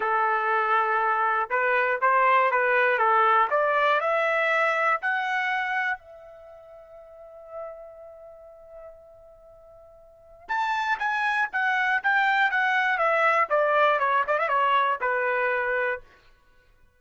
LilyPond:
\new Staff \with { instrumentName = "trumpet" } { \time 4/4 \tempo 4 = 120 a'2. b'4 | c''4 b'4 a'4 d''4 | e''2 fis''2 | e''1~ |
e''1~ | e''4 a''4 gis''4 fis''4 | g''4 fis''4 e''4 d''4 | cis''8 d''16 e''16 cis''4 b'2 | }